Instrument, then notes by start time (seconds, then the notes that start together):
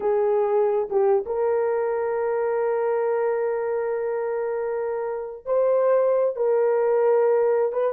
horn
0.00 G#4
0.90 G4
1.26 A#4
5.45 C5
6.36 A#4
7.72 B4